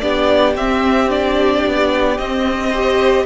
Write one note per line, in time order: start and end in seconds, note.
0.00 0.56 B3
0.00 0.56 D4
0.00 2.70 G4
0.00 0.54 D5
0.56 1.64 C4
0.56 1.10 C4
0.56 1.10 E5
1.10 2.18 D4
1.10 2.18 D5
1.67 2.18 B3
2.18 3.26 C4
2.18 2.73 C4
2.18 3.26 D#5
2.70 3.26 G4
2.70 3.24 C5